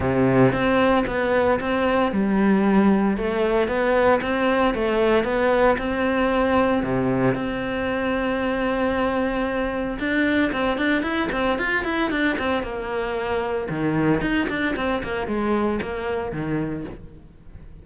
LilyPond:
\new Staff \with { instrumentName = "cello" } { \time 4/4 \tempo 4 = 114 c4 c'4 b4 c'4 | g2 a4 b4 | c'4 a4 b4 c'4~ | c'4 c4 c'2~ |
c'2. d'4 | c'8 d'8 e'8 c'8 f'8 e'8 d'8 c'8 | ais2 dis4 dis'8 d'8 | c'8 ais8 gis4 ais4 dis4 | }